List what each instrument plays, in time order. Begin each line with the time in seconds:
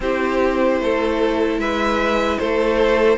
0.00 cello C4, viola E4, violin G4 C5
0.80 cello A3, violin A4
1.57 cello G#3, violin B4 E5
2.38 cello A3, violin A4 C5